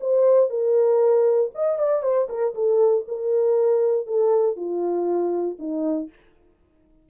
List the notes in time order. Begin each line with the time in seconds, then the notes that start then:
0.00 C5
0.50 A#4
1.54 D#5
1.78 D5
2.03 C5
2.29 A#4
2.54 A4
3.08 A#4
4.06 A4
4.56 F4
5.59 D#4